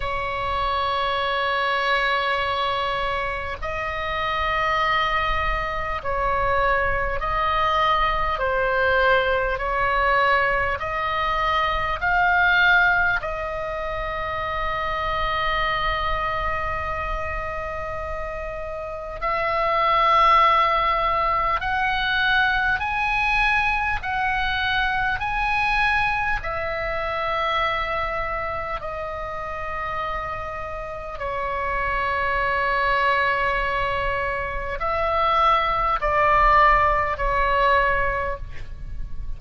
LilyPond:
\new Staff \with { instrumentName = "oboe" } { \time 4/4 \tempo 4 = 50 cis''2. dis''4~ | dis''4 cis''4 dis''4 c''4 | cis''4 dis''4 f''4 dis''4~ | dis''1 |
e''2 fis''4 gis''4 | fis''4 gis''4 e''2 | dis''2 cis''2~ | cis''4 e''4 d''4 cis''4 | }